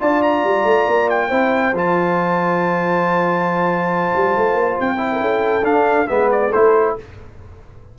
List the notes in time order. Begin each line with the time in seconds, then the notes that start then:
0.00 D4 F4 D5 A5
0.23 A#5
0.44 G3
0.64 A3
0.88 A#3
1.10 G5
1.29 C4 E4 C5
1.73 F3 F4 A5
4.15 G3
4.37 A3
4.54 A#3
4.80 C4 G5
4.97 E4
5.12 A#4
5.20 C#4 A4
5.63 D4 F5
6.08 G#3 B3 B4 E5
6.32 D5
6.49 A3 E4 A4 C5